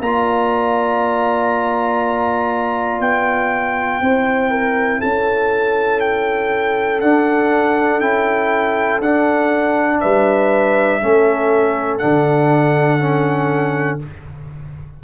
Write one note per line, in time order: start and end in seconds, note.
0.00 3.00 A#3
0.00 4.03 F4
0.00 4.02 D5
0.00 3.01 A#5
3.00 4.00 B3
3.00 5.01 G5
4.01 5.01 C4
4.01 7.02 E4
4.01 4.51 C5
4.51 5.00 A#4
5.00 7.02 C#4
5.00 10.00 A4
5.00 6.01 A5
6.01 7.01 G5
7.01 8.01 D4
7.01 8.00 F#5
8.00 9.00 C#4
8.00 9.01 E4
8.00 9.00 G5
9.00 10.00 D4
9.00 11.01 D4
9.00 10.01 F#5
10.01 11.02 G3
10.01 11.01 B4
10.01 11.98 E5
11.01 12.02 A3
11.01 12.00 C#4
11.01 14.03 A4
11.98 14.04 D3
11.98 13.00 D4
11.98 13.98 F#5
13.00 14.00 C#4